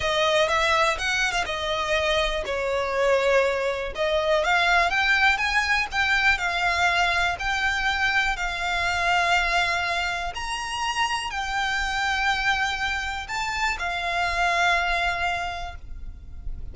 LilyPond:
\new Staff \with { instrumentName = "violin" } { \time 4/4 \tempo 4 = 122 dis''4 e''4 fis''8. f''16 dis''4~ | dis''4 cis''2. | dis''4 f''4 g''4 gis''4 | g''4 f''2 g''4~ |
g''4 f''2.~ | f''4 ais''2 g''4~ | g''2. a''4 | f''1 | }